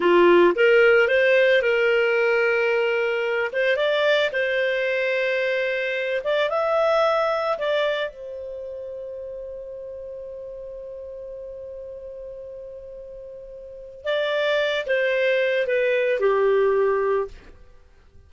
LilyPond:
\new Staff \with { instrumentName = "clarinet" } { \time 4/4 \tempo 4 = 111 f'4 ais'4 c''4 ais'4~ | ais'2~ ais'8 c''8 d''4 | c''2.~ c''8 d''8 | e''2 d''4 c''4~ |
c''1~ | c''1~ | c''2 d''4. c''8~ | c''4 b'4 g'2 | }